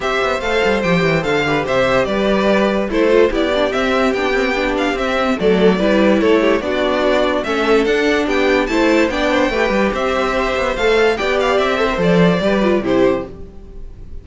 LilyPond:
<<
  \new Staff \with { instrumentName = "violin" } { \time 4/4 \tempo 4 = 145 e''4 f''4 g''4 f''4 | e''4 d''2 c''4 | d''4 e''4 g''4. f''8 | e''4 d''2 cis''4 |
d''2 e''4 fis''4 | g''4 a''4 g''2 | e''2 f''4 g''8 f''8 | e''4 d''2 c''4 | }
  \new Staff \with { instrumentName = "violin" } { \time 4/4 c''2.~ c''8 b'8 | c''4 b'2 a'4 | g'1~ | g'4 a'4 b'4 a'8 g'8 |
fis'2 a'2 | g'4 c''4 d''8 c''8 b'4 | c''2. d''4~ | d''8 c''4. b'4 g'4 | }
  \new Staff \with { instrumentName = "viola" } { \time 4/4 g'4 a'4 g'4 a'8 g'8~ | g'2. e'8 f'8 | e'8 d'8 c'4 d'8 c'8 d'4 | c'4 a4 e'2 |
d'2 cis'4 d'4~ | d'4 e'4 d'4 g'4~ | g'2 a'4 g'4~ | g'8 a'16 ais'16 a'4 g'8 f'8 e'4 | }
  \new Staff \with { instrumentName = "cello" } { \time 4/4 c'8 b8 a8 g8 f8 e8 d4 | c4 g2 a4 | b4 c'4 b2 | c'4 fis4 g4 a4 |
b2 a4 d'4 | b4 a4 b4 a8 g8 | c'4. b8 a4 b4 | c'4 f4 g4 c4 | }
>>